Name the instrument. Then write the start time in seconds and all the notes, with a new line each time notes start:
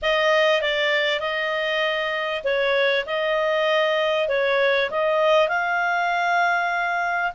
clarinet
0.02 D#5
0.61 D5
1.19 D#5
2.44 C#5
3.06 D#5
4.28 C#5
4.90 D#5
5.48 F5